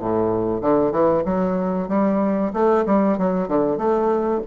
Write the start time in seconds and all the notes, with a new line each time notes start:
0.00 A2
0.62 D3
0.92 E3
1.25 F#3
1.89 G3
2.53 A3
2.86 G3
3.18 F#3
3.48 D3
3.78 A3